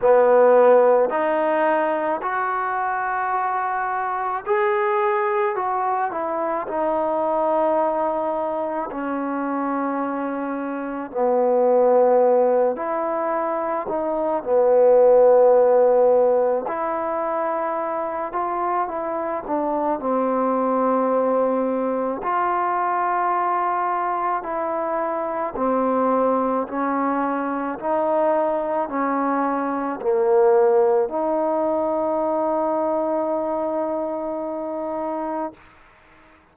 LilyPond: \new Staff \with { instrumentName = "trombone" } { \time 4/4 \tempo 4 = 54 b4 dis'4 fis'2 | gis'4 fis'8 e'8 dis'2 | cis'2 b4. e'8~ | e'8 dis'8 b2 e'4~ |
e'8 f'8 e'8 d'8 c'2 | f'2 e'4 c'4 | cis'4 dis'4 cis'4 ais4 | dis'1 | }